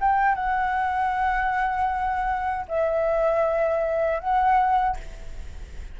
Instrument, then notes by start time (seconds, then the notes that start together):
flute
0.00 G5
0.35 F#5
2.68 E5
4.20 F#5